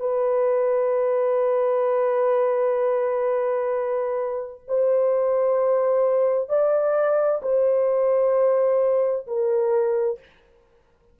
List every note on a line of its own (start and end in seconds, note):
0.00 4.62 B4
4.68 6.50 C5
6.50 7.42 D5
7.43 9.27 C5
9.27 10.20 A#4